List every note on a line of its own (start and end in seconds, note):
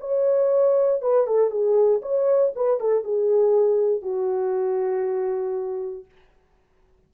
0.00 1.01 C#5
1.01 1.27 B4
1.27 1.50 A4
1.50 2.01 G#4
2.02 2.53 C#5
2.55 2.80 B4
2.80 3.04 A4
3.04 4.02 G#4
4.02 6.05 F#4